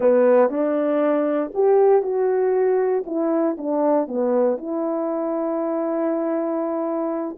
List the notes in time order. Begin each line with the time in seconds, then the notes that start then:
0.00 B3
0.49 D4
1.54 G4
2.02 F#4
3.06 E4
3.57 D4
4.07 B3
4.57 E4